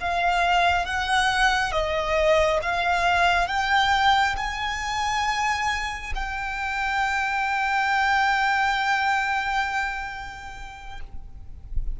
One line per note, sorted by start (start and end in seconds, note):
0.00 0.85 F5
0.85 1.71 F#5
1.71 2.59 D#5
2.62 3.47 F5
3.47 4.35 G5
4.36 6.13 G#5
6.15 11.00 G5